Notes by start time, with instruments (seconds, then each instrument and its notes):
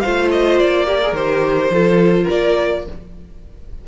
0.00 cello A3, viola F4, violin C5 F5
0.31 violin D#5
0.59 cello A#3, violin D5
0.86 viola G4, violin A#4
1.02 viola G#4
1.12 cello D#3, viola G4, violin C5
1.70 cello F3, viola F4, violin A4
2.23 violin A#4
2.29 cello A#3, violin D5